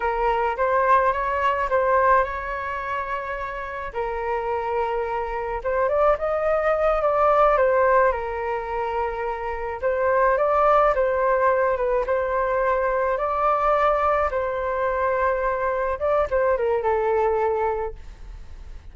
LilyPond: \new Staff \with { instrumentName = "flute" } { \time 4/4 \tempo 4 = 107 ais'4 c''4 cis''4 c''4 | cis''2. ais'4~ | ais'2 c''8 d''8 dis''4~ | dis''8 d''4 c''4 ais'4.~ |
ais'4. c''4 d''4 c''8~ | c''4 b'8 c''2 d''8~ | d''4. c''2~ c''8~ | c''8 d''8 c''8 ais'8 a'2 | }